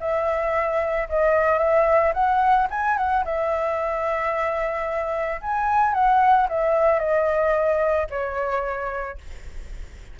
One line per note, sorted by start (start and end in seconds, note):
0.00 1.08 E5
1.09 1.59 D#5
1.59 2.13 E5
2.14 2.68 F#5
2.70 2.97 G#5
2.97 3.24 F#5
3.25 5.41 E5
5.41 5.94 G#5
5.94 6.48 F#5
6.49 6.99 E5
6.99 8.07 D#5
8.10 9.18 C#5